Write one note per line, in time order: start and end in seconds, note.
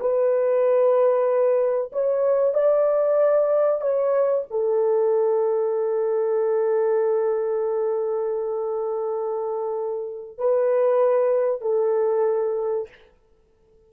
0.00 1.91 B4
1.92 2.54 C#5
2.54 3.82 D5
3.82 4.45 C#5
4.51 10.38 A4
10.38 11.61 B4
11.61 12.89 A4